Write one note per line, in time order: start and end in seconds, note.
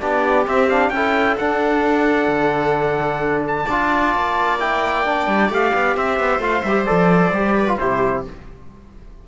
0.00 0.47 B3
0.00 0.46 D4
0.00 0.93 G4
0.00 0.46 D5
0.46 0.69 C4
0.46 0.90 C4
0.46 0.69 E5
0.69 0.92 D4
0.69 0.90 F5
0.90 1.36 C#4
0.90 1.40 E4
0.90 3.66 A4
0.90 1.36 G5
1.38 3.69 D4
1.38 2.28 D4
1.38 3.44 F#5
2.28 3.65 D3
3.47 4.59 A5
3.66 4.15 D4
3.66 4.59 F4
3.66 5.95 D5
4.15 5.27 A#3
4.59 5.05 E4
4.59 5.51 G5
5.05 5.51 D4
5.27 5.49 G3
5.49 5.72 A3
5.49 6.41 G4
5.49 5.97 F5
5.74 5.97 B3
5.97 6.20 C4
5.97 7.55 C5
5.97 6.42 E5
6.20 6.39 B3
6.39 6.62 A3
6.39 6.63 F4
6.39 6.63 F5
6.63 6.86 G3
6.63 6.86 G4
6.63 6.85 E5
6.86 7.31 F3
6.86 7.32 A4
6.86 7.78 D5
7.31 7.77 G3
7.31 7.68 G4
7.55 7.78 B4
7.68 7.79 F4
7.78 8.28 C3
7.78 8.25 E4
7.78 8.26 G4
7.78 8.24 C5